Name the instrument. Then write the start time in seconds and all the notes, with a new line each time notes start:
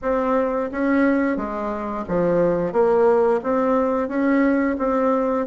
bassoon
0.02 C4
0.71 C#4
1.36 G#3
2.08 F3
2.72 A#3
3.43 C4
4.08 C#4
4.78 C4